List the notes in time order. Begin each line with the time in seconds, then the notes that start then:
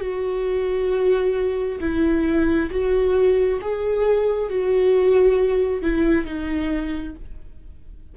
0.00 F#4
1.80 E4
2.70 F#4
3.61 G#4
4.49 F#4
5.82 E4
6.25 D#4